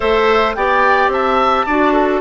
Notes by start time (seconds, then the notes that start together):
0.00 A3 A4 C5 E5
0.54 B3 G4 D5 G5
1.08 C4 E5 A5
1.66 D4 F#4 D5
1.92 A4